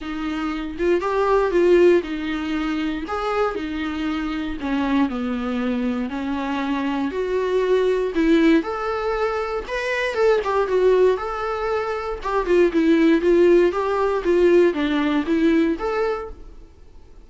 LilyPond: \new Staff \with { instrumentName = "viola" } { \time 4/4 \tempo 4 = 118 dis'4. f'8 g'4 f'4 | dis'2 gis'4 dis'4~ | dis'4 cis'4 b2 | cis'2 fis'2 |
e'4 a'2 b'4 | a'8 g'8 fis'4 a'2 | g'8 f'8 e'4 f'4 g'4 | f'4 d'4 e'4 a'4 | }